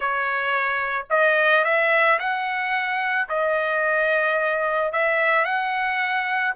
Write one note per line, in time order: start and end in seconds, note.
0.00 1.06 C#5
1.09 1.64 D#5
1.64 2.18 E5
2.19 3.28 F#5
3.28 4.92 D#5
4.92 5.44 E5
5.44 6.53 F#5